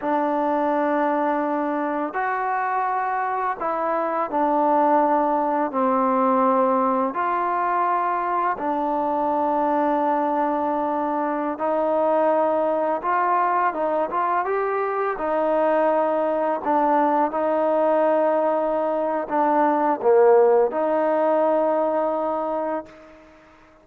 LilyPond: \new Staff \with { instrumentName = "trombone" } { \time 4/4 \tempo 4 = 84 d'2. fis'4~ | fis'4 e'4 d'2 | c'2 f'2 | d'1~ |
d'16 dis'2 f'4 dis'8 f'16~ | f'16 g'4 dis'2 d'8.~ | d'16 dis'2~ dis'8. d'4 | ais4 dis'2. | }